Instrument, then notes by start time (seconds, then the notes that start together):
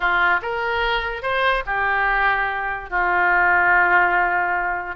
oboe
0.00 F4
0.42 A#4
1.22 C5
1.66 G4
2.89 F4